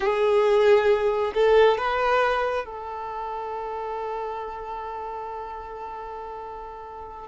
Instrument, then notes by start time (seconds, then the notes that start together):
violin
0.00 G#4
1.34 A4
1.77 B4
2.65 A4